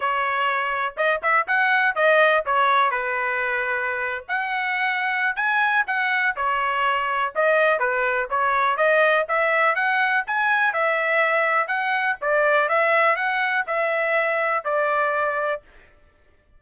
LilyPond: \new Staff \with { instrumentName = "trumpet" } { \time 4/4 \tempo 4 = 123 cis''2 dis''8 e''8 fis''4 | dis''4 cis''4 b'2~ | b'8. fis''2~ fis''16 gis''4 | fis''4 cis''2 dis''4 |
b'4 cis''4 dis''4 e''4 | fis''4 gis''4 e''2 | fis''4 d''4 e''4 fis''4 | e''2 d''2 | }